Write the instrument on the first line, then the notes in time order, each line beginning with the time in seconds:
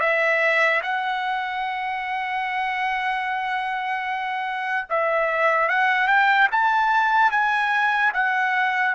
trumpet
0.00 E5
0.82 F#5
4.89 E5
5.69 F#5
6.07 G5
6.51 A5
7.31 G#5
8.14 F#5